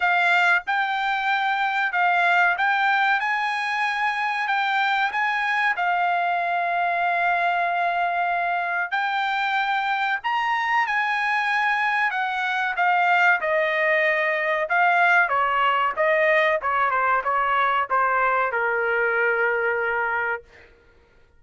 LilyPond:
\new Staff \with { instrumentName = "trumpet" } { \time 4/4 \tempo 4 = 94 f''4 g''2 f''4 | g''4 gis''2 g''4 | gis''4 f''2.~ | f''2 g''2 |
ais''4 gis''2 fis''4 | f''4 dis''2 f''4 | cis''4 dis''4 cis''8 c''8 cis''4 | c''4 ais'2. | }